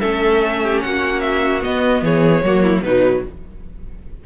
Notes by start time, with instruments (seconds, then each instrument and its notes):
0.00 cello A3, viola C#4, violin A4 E5
0.64 violin G4
0.81 cello A#3, violin F#4 F#5
1.21 violin E5
1.62 viola B3, cello B3, violin D#5
2.02 cello E3, violin G#4 C#5
2.43 cello F#3, viola A#3, violin F#4
2.62 violin E4
2.82 cello B2, viola F#3, violin D#4 B4